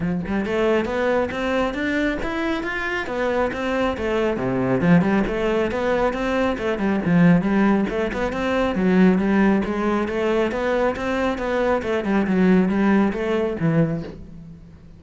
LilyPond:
\new Staff \with { instrumentName = "cello" } { \time 4/4 \tempo 4 = 137 f8 g8 a4 b4 c'4 | d'4 e'4 f'4 b4 | c'4 a4 c4 f8 g8 | a4 b4 c'4 a8 g8 |
f4 g4 a8 b8 c'4 | fis4 g4 gis4 a4 | b4 c'4 b4 a8 g8 | fis4 g4 a4 e4 | }